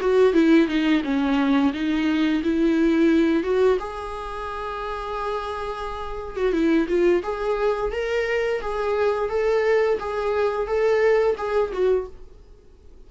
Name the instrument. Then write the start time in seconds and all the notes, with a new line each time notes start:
viola
0.00 F#4
0.33 E4
0.67 D#4
1.03 C#4
1.73 D#4
2.43 E4
3.43 F#4
3.79 G#4
6.36 F#4
6.52 E4
6.88 F4
7.23 G#4
7.92 A#4
8.61 G#4
9.29 A4
9.99 G#4
10.66 A4
11.37 G#4
11.72 F#4